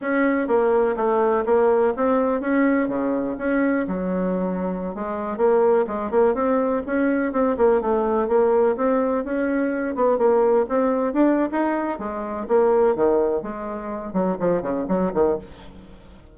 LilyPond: \new Staff \with { instrumentName = "bassoon" } { \time 4/4 \tempo 4 = 125 cis'4 ais4 a4 ais4 | c'4 cis'4 cis4 cis'4 | fis2~ fis16 gis4 ais8.~ | ais16 gis8 ais8 c'4 cis'4 c'8 ais16~ |
ais16 a4 ais4 c'4 cis'8.~ | cis'8. b8 ais4 c'4 d'8. | dis'4 gis4 ais4 dis4 | gis4. fis8 f8 cis8 fis8 dis8 | }